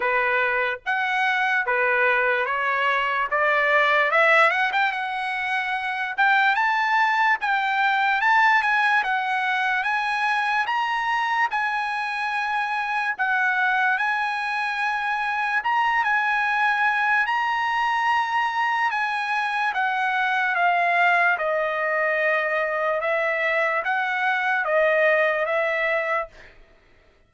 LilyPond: \new Staff \with { instrumentName = "trumpet" } { \time 4/4 \tempo 4 = 73 b'4 fis''4 b'4 cis''4 | d''4 e''8 fis''16 g''16 fis''4. g''8 | a''4 g''4 a''8 gis''8 fis''4 | gis''4 ais''4 gis''2 |
fis''4 gis''2 ais''8 gis''8~ | gis''4 ais''2 gis''4 | fis''4 f''4 dis''2 | e''4 fis''4 dis''4 e''4 | }